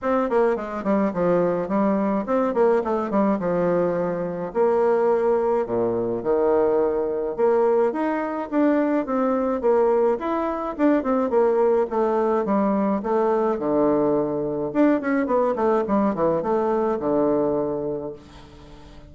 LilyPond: \new Staff \with { instrumentName = "bassoon" } { \time 4/4 \tempo 4 = 106 c'8 ais8 gis8 g8 f4 g4 | c'8 ais8 a8 g8 f2 | ais2 ais,4 dis4~ | dis4 ais4 dis'4 d'4 |
c'4 ais4 e'4 d'8 c'8 | ais4 a4 g4 a4 | d2 d'8 cis'8 b8 a8 | g8 e8 a4 d2 | }